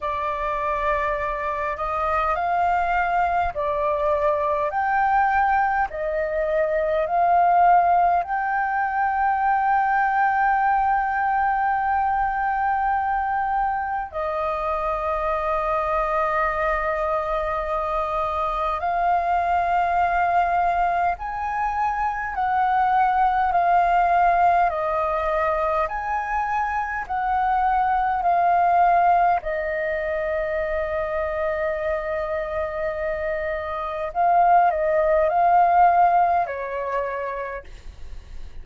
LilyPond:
\new Staff \with { instrumentName = "flute" } { \time 4/4 \tempo 4 = 51 d''4. dis''8 f''4 d''4 | g''4 dis''4 f''4 g''4~ | g''1 | dis''1 |
f''2 gis''4 fis''4 | f''4 dis''4 gis''4 fis''4 | f''4 dis''2.~ | dis''4 f''8 dis''8 f''4 cis''4 | }